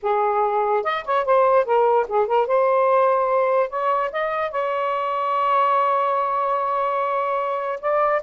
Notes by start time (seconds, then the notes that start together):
0.02 G#4
0.83 D#5
1.05 C#5
1.25 C5
1.65 A#4
2.08 G#4
2.27 A#4
2.46 C5
3.69 C#5
4.12 D#5
4.51 C#5
7.80 D5